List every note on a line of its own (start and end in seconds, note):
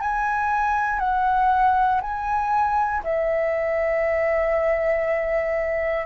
0.00 0.99 G#5
0.99 2.01 F#5
2.01 3.03 G#5
3.04 6.05 E5